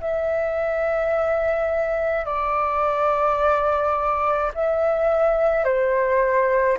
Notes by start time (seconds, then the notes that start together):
0.00 E5
2.25 D5
4.54 E5
5.64 C5